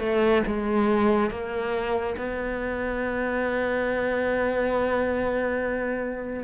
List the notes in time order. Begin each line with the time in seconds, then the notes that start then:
0.00 A3
0.47 G#3
1.31 A#3
2.18 B3